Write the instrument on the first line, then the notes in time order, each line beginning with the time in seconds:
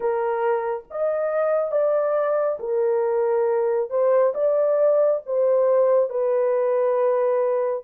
horn
0.00 A#4
0.90 D#5
1.71 D5
2.59 A#4
3.89 C5
4.34 D5
5.26 C5
6.09 B4